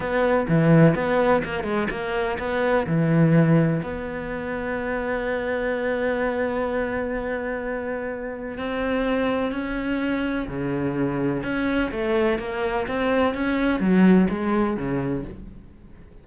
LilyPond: \new Staff \with { instrumentName = "cello" } { \time 4/4 \tempo 4 = 126 b4 e4 b4 ais8 gis8 | ais4 b4 e2 | b1~ | b1~ |
b2 c'2 | cis'2 cis2 | cis'4 a4 ais4 c'4 | cis'4 fis4 gis4 cis4 | }